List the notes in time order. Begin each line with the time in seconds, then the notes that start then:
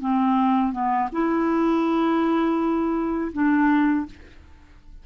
0.00 C4
0.72 B3
1.12 E4
3.32 D4